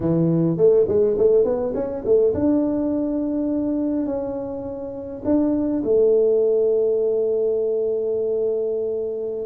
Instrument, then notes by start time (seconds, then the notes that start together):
tuba
0.00 E3
0.57 A3
0.87 G#3
1.18 A3
1.44 B3
1.74 C#4
2.04 A3
2.34 D4
4.05 C#4
5.24 D4
5.84 A3